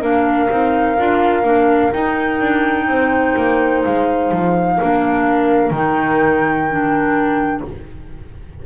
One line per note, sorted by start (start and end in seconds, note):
0.00 0.48 A#3
0.00 0.49 D4
0.00 2.86 A#4
0.00 1.92 F5
0.49 0.98 C4
0.49 0.96 D#4
0.97 1.42 D4
0.97 1.43 F4
1.42 1.90 A#3
1.42 1.91 D4
1.92 4.78 D#4
1.92 2.40 D#4
1.92 3.82 G5
2.40 2.87 D4
2.87 3.35 C4
2.87 4.77 C5
3.36 3.84 A#3
3.84 4.31 G#3
3.84 5.72 F5
4.31 4.78 F3
4.77 5.70 A#3
4.77 5.72 D4
4.77 7.63 A#4
5.70 7.61 D#3
5.70 6.67 D#4
5.70 7.62 G5
6.70 7.65 D4